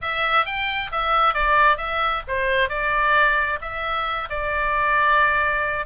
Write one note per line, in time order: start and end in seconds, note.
0.01 0.45 E5
0.45 0.90 G5
0.91 1.34 E5
1.34 1.77 D5
1.77 2.22 E5
2.27 2.69 C5
2.69 3.59 D5
3.61 4.28 E5
4.29 5.85 D5